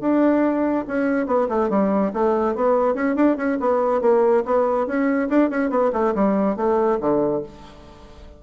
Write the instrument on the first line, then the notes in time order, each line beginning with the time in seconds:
bassoon
0.00 D4
0.87 C#4
1.26 B3
1.49 A3
1.69 G3
2.13 A3
2.55 B3
2.94 C#4
3.15 D4
3.37 C#4
3.60 B3
4.01 A#3
4.45 B3
4.86 C#4
5.29 D4
5.50 C#4
5.70 B3
5.93 A3
6.15 G3
6.56 A3
7.00 D3